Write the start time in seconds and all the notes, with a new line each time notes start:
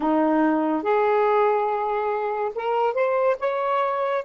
0.00 D#4
0.82 G#4
2.55 A#4
2.93 C5
3.39 C#5